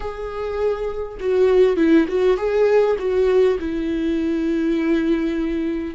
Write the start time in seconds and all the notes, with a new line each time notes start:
0.00 G#4
1.20 F#4
1.76 E4
2.08 F#4
2.37 G#4
2.98 F#4
3.59 E4